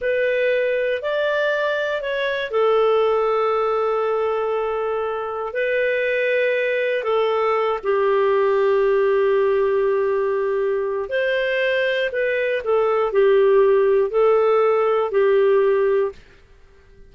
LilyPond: \new Staff \with { instrumentName = "clarinet" } { \time 4/4 \tempo 4 = 119 b'2 d''2 | cis''4 a'2.~ | a'2. b'4~ | b'2 a'4. g'8~ |
g'1~ | g'2 c''2 | b'4 a'4 g'2 | a'2 g'2 | }